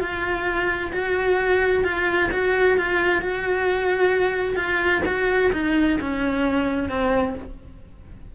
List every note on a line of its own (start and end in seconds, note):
0.00 0.92 F4
0.92 1.84 F#4
1.84 2.30 F4
2.32 2.78 F#4
2.78 3.22 F4
3.22 4.56 F#4
4.56 5.02 F4
5.06 5.51 F#4
5.52 5.98 D#4
6.01 6.89 C#4
6.89 7.35 C4